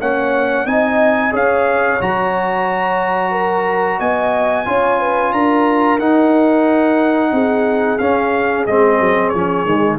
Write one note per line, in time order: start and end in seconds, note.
0.00 0.65 A#3
0.00 0.67 C#4
0.00 0.65 C#5
0.00 0.66 F#5
0.65 1.32 C4
0.65 1.31 D#4
0.65 1.32 D#5
0.65 1.33 G#5
1.31 1.99 C#4
1.31 1.98 G#4
1.31 3.31 C#5
1.31 2.02 F5
2.00 4.00 F#3
2.00 4.66 F#4
2.00 4.00 A#5
3.31 3.98 A#4
3.98 4.66 B3
3.98 4.65 D#5
3.98 5.32 G#5
4.66 5.33 C#4
4.66 5.99 F4
4.66 4.99 C#5
4.99 5.33 B4
5.32 5.99 D4
5.32 7.32 A#4
5.32 5.99 A#5
5.99 7.32 D#4
5.99 7.99 D#4
5.99 7.98 F#5
7.32 7.98 C4
7.32 9.99 G#4
7.98 8.66 C#4
7.98 8.67 C#4
7.98 8.65 F5
8.66 9.00 G#3
8.66 9.35 C4
8.66 9.29 D#5
9.00 9.33 F#3
9.29 9.65 F3
9.29 9.65 C#4
9.29 9.96 C#5
9.65 9.98 D#3
9.65 9.99 G#3